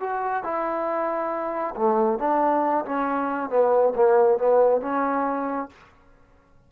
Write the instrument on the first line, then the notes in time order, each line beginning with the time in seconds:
trombone
0.00 F#4
0.43 E4
1.75 A3
2.19 D4
2.85 C#4
3.50 B3
3.95 A#3
4.38 B3
4.81 C#4